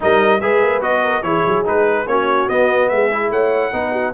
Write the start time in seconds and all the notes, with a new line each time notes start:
0.00 G3 D#4 A#4 D#5
0.40 G#3 G#4 B4 E5
0.62 A#3
0.81 B3 F#4 D#5
1.03 A#4
1.22 E3 E4 G#4 C#5
1.46 F#3
1.64 G#3 D#4 B4
2.06 A#3 C#4 F#4 C#5
2.48 B3 D#5
2.89 G#3 G#4 E5
3.11 E4
3.30 A3 C#5 F#5
3.72 B3 D#4 B4
3.91 F#4